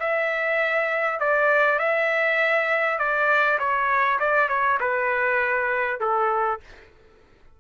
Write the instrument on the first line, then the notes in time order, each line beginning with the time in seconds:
trumpet
0.00 E5
1.20 D5
1.79 E5
2.99 D5
3.59 C#5
4.19 D5
4.49 C#5
4.80 B4
6.00 A4